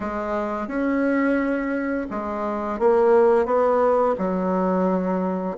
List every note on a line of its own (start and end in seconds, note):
0.00 0.67 G#3
0.67 2.07 C#4
2.10 2.79 G#3
2.79 3.45 A#3
3.45 4.15 B3
4.17 5.57 F#3